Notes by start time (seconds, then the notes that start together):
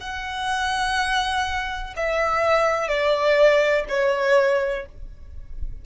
0.00 F#5
1.96 E5
2.88 D5
3.88 C#5